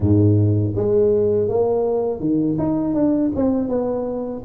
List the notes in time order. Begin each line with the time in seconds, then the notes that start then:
0.00 G#2
0.75 G#3
1.48 A#3
2.20 D#3
2.58 D#4
2.94 D4
3.35 C4
3.68 B3